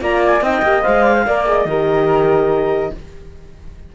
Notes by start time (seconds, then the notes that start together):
0.00 A#3 F4 D5 A#5
0.26 G#5
0.41 C4 D#4 D#5 G5
0.62 A#3 G4
0.82 G#3 C5 F5
1.04 D5
1.14 C5
1.26 A#3 A#4 D5
1.46 G#4 D#5
1.65 D#3 G4 A#4